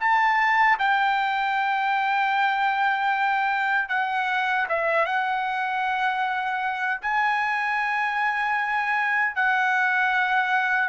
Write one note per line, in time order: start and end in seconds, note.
0.00 0.78 A5
0.79 3.89 G5
3.89 4.67 F#5
4.69 5.06 E5
5.06 7.01 F#5
7.02 9.36 G#5
9.36 10.89 F#5